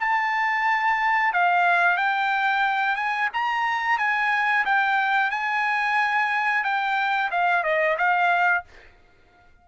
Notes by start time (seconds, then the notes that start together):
0.00 A5
1.33 F5
1.97 G5
2.96 G#5
3.33 A#5
3.98 G#5
4.65 G5
5.31 G#5
6.64 G5
7.31 F5
7.64 D#5
7.98 F5